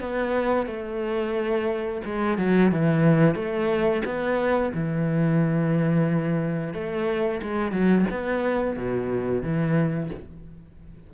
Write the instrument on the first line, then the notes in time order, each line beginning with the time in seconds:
cello
0.00 B3
0.66 A3
2.05 G#3
2.37 F#3
2.71 E3
3.35 A3
4.05 B3
4.73 E3
6.74 A3
7.42 G#3
7.72 F#3
8.11 B3
8.76 B2
9.42 E3